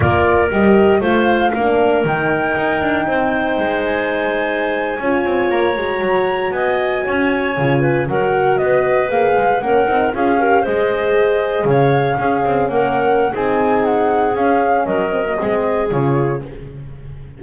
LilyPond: <<
  \new Staff \with { instrumentName = "flute" } { \time 4/4 \tempo 4 = 117 d''4 dis''4 f''2 | g''2.~ g''8 gis''8~ | gis''2~ gis''8. ais''4~ ais''16~ | ais''8. gis''2. fis''16~ |
fis''8. dis''4 f''4 fis''4 f''16~ | f''8. dis''2 f''4~ f''16~ | f''8. fis''4~ fis''16 gis''4 fis''4 | f''4 dis''2 cis''4 | }
  \new Staff \with { instrumentName = "clarinet" } { \time 4/4 ais'2 c''4 ais'4~ | ais'2 c''2~ | c''4.~ c''16 cis''2~ cis''16~ | cis''8. dis''4 cis''4. b'8 ais'16~ |
ais'8. b'2 ais'4 gis'16~ | gis'16 ais'8 c''2 cis''4 gis'16~ | gis'8. ais'4~ ais'16 gis'2~ | gis'4 ais'4 gis'2 | }
  \new Staff \with { instrumentName = "horn" } { \time 4/4 f'4 g'4 f'4 d'4 | dis'1~ | dis'4.~ dis'16 f'4. fis'8.~ | fis'2~ fis'8. f'4 fis'16~ |
fis'4.~ fis'16 gis'4 cis'8 dis'8 f'16~ | f'16 g'8 gis'2. cis'16~ | cis'2 dis'2 | cis'4. c'16 ais16 c'4 f'4 | }
  \new Staff \with { instrumentName = "double bass" } { \time 4/4 ais4 g4 a4 ais4 | dis4 dis'8 d'8 c'4 gis4~ | gis4.~ gis16 cis'8 c'8 ais8 gis8 fis16~ | fis8. b4 cis'4 cis4 fis16~ |
fis8. b4 ais8 gis8 ais8 c'8 cis'16~ | cis'8. gis2 cis4 cis'16~ | cis'16 c'8 ais4~ ais16 c'2 | cis'4 fis4 gis4 cis4 | }
>>